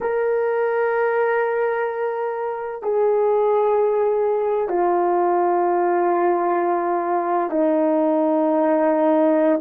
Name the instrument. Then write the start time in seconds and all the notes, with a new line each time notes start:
horn
0.00 A#4
2.82 G#4
4.68 F4
7.50 D#4